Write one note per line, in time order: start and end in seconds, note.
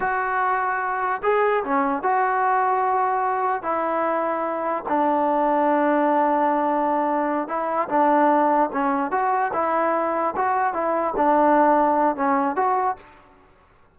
0.00 1.21 F#4
1.23 1.63 G#4
1.63 2.03 C#4
2.03 3.62 F#4
3.62 4.84 E4
4.88 7.47 D4
7.47 7.88 E4
7.89 8.70 D4
8.73 9.11 C#4
9.11 9.51 F#4
9.53 10.34 E4
10.36 10.73 F#4
10.73 11.14 E4
11.16 12.15 D4
12.15 12.56 C#4
12.56 12.96 F#4